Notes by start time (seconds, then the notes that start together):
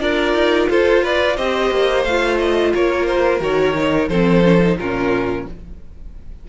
0.00 D4 F4 A#4 D5
0.34 D#4
0.70 F4 A4 C5
1.03 B4 D5
1.36 C4 G4 C5 D#5
1.71 A#3
2.04 A3 F4 F5
2.39 D#5
2.74 A#3 A#4 C#5
3.07 C5
3.40 D#3 F#4 C#5
3.75 D#4
4.09 F3 C4 A4 C5
4.44 C#4
4.62 D#4
4.77 A#2 C#4 F4 A#4